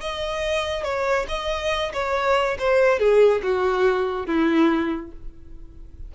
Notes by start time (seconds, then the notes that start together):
0.00 D#5
0.83 C#5
1.28 D#5
1.93 C#5
2.59 C5
2.99 G#4
3.42 F#4
4.26 E4